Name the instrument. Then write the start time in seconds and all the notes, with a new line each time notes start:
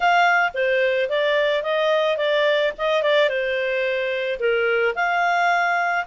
clarinet
0.00 F5
0.54 C5
1.09 D5
1.62 D#5
2.17 D5
2.78 D#5
3.02 D5
3.29 C5
4.39 A#4
4.95 F5